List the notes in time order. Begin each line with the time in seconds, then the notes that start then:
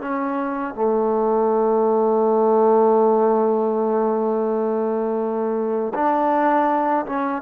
0.00 C#4
0.74 A3
5.94 D4
7.05 C#4